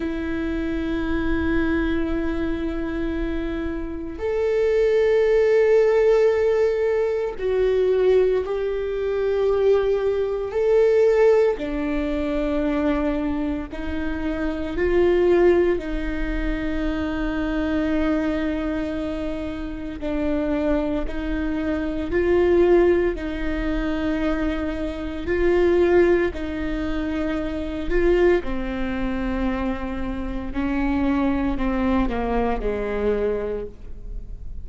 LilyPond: \new Staff \with { instrumentName = "viola" } { \time 4/4 \tempo 4 = 57 e'1 | a'2. fis'4 | g'2 a'4 d'4~ | d'4 dis'4 f'4 dis'4~ |
dis'2. d'4 | dis'4 f'4 dis'2 | f'4 dis'4. f'8 c'4~ | c'4 cis'4 c'8 ais8 gis4 | }